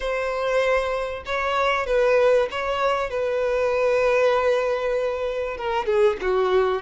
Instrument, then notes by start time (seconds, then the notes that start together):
violin
0.00 C5
1.25 C#5
1.86 B4
2.51 C#5
3.10 B4
5.57 A#4
5.85 G#4
6.21 F#4